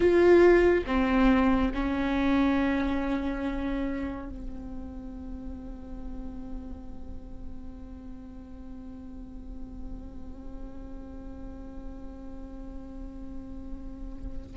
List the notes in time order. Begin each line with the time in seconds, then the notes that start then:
0.00 F4
0.86 C4
1.74 C#4
4.29 C4